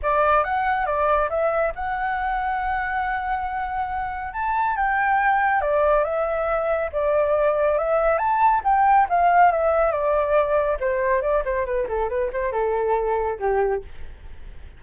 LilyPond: \new Staff \with { instrumentName = "flute" } { \time 4/4 \tempo 4 = 139 d''4 fis''4 d''4 e''4 | fis''1~ | fis''2 a''4 g''4~ | g''4 d''4 e''2 |
d''2 e''4 a''4 | g''4 f''4 e''4 d''4~ | d''4 c''4 d''8 c''8 b'8 a'8 | b'8 c''8 a'2 g'4 | }